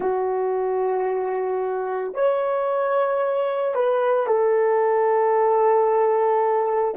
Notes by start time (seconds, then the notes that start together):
0.00 F#4
2.14 C#5
3.75 B4
4.27 A4